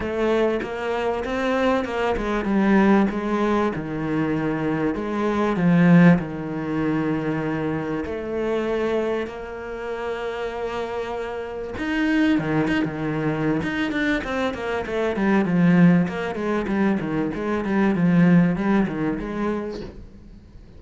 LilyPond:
\new Staff \with { instrumentName = "cello" } { \time 4/4 \tempo 4 = 97 a4 ais4 c'4 ais8 gis8 | g4 gis4 dis2 | gis4 f4 dis2~ | dis4 a2 ais4~ |
ais2. dis'4 | dis8 dis'16 dis4~ dis16 dis'8 d'8 c'8 ais8 | a8 g8 f4 ais8 gis8 g8 dis8 | gis8 g8 f4 g8 dis8 gis4 | }